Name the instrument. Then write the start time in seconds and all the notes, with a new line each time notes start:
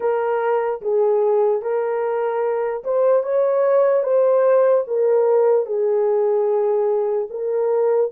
horn
0.00 A#4
0.81 G#4
1.62 A#4
2.84 C5
3.22 C#5
4.03 C5
4.86 A#4
5.65 G#4
7.30 A#4